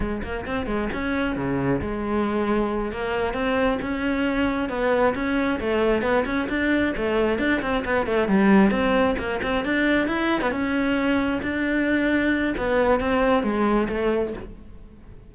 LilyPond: \new Staff \with { instrumentName = "cello" } { \time 4/4 \tempo 4 = 134 gis8 ais8 c'8 gis8 cis'4 cis4 | gis2~ gis8 ais4 c'8~ | c'8 cis'2 b4 cis'8~ | cis'8 a4 b8 cis'8 d'4 a8~ |
a8 d'8 c'8 b8 a8 g4 c'8~ | c'8 ais8 c'8 d'4 e'8. b16 cis'8~ | cis'4. d'2~ d'8 | b4 c'4 gis4 a4 | }